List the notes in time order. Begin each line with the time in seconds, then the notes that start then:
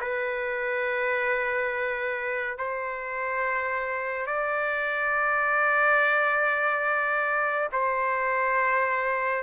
0.00 B4
2.57 C5
4.26 D5
7.72 C5